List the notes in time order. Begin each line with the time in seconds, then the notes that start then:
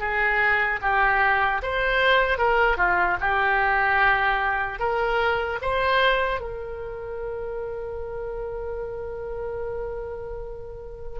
0.00 G#4
0.82 G4
1.63 C5
2.39 A#4
2.77 F4
3.21 G4
4.79 A#4
5.62 C5
6.41 A#4